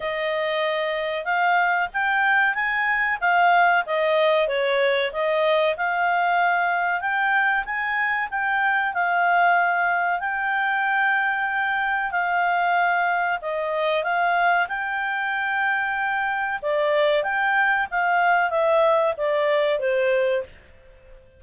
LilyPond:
\new Staff \with { instrumentName = "clarinet" } { \time 4/4 \tempo 4 = 94 dis''2 f''4 g''4 | gis''4 f''4 dis''4 cis''4 | dis''4 f''2 g''4 | gis''4 g''4 f''2 |
g''2. f''4~ | f''4 dis''4 f''4 g''4~ | g''2 d''4 g''4 | f''4 e''4 d''4 c''4 | }